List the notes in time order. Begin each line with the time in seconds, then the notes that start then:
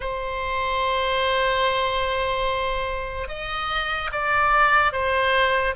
0.00 C5
3.28 D#5
4.11 D5
4.92 C5